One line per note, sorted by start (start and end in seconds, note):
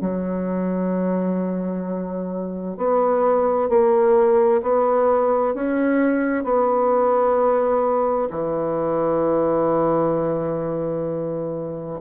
0.00 2.77 F#3
2.77 3.69 B3
3.69 4.62 A#3
4.62 5.54 B3
5.54 6.44 C#4
6.44 8.28 B3
8.30 12.00 E3